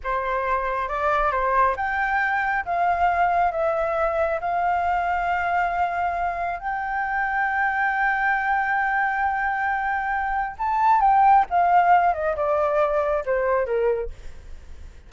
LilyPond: \new Staff \with { instrumentName = "flute" } { \time 4/4 \tempo 4 = 136 c''2 d''4 c''4 | g''2 f''2 | e''2 f''2~ | f''2. g''4~ |
g''1~ | g''1 | a''4 g''4 f''4. dis''8 | d''2 c''4 ais'4 | }